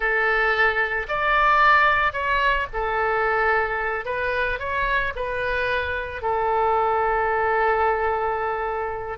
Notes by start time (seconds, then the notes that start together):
0.00 A4
1.08 D5
2.12 C#5
2.73 A4
4.05 B4
4.59 C#5
5.15 B4
6.22 A4